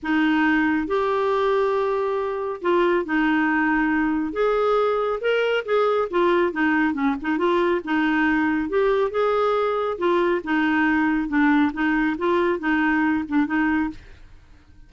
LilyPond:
\new Staff \with { instrumentName = "clarinet" } { \time 4/4 \tempo 4 = 138 dis'2 g'2~ | g'2 f'4 dis'4~ | dis'2 gis'2 | ais'4 gis'4 f'4 dis'4 |
cis'8 dis'8 f'4 dis'2 | g'4 gis'2 f'4 | dis'2 d'4 dis'4 | f'4 dis'4. d'8 dis'4 | }